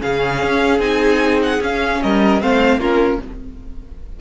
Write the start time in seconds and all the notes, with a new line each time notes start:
0.00 C#3 C#4 G#4 F5
0.43 C#4
0.79 C4 D#4 G#5
1.43 F#5
1.61 C#4 F5
2.03 G3 A#4 D#5
2.42 A3 C4 C5 F5
2.78 A#3 C#4 F4 A#4